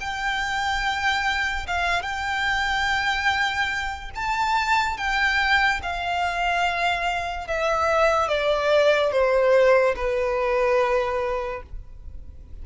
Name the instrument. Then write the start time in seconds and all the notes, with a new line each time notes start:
violin
0.00 G5
1.67 F5
2.02 G5
4.15 A5
4.97 G5
5.83 F5
7.47 E5
8.28 D5
9.12 C5
9.96 B4